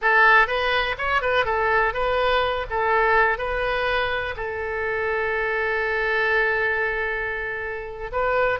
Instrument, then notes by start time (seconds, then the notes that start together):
oboe
0.01 A4
0.47 B4
0.98 C#5
1.21 B4
1.45 A4
1.93 B4
2.70 A4
3.38 B4
4.36 A4
8.12 B4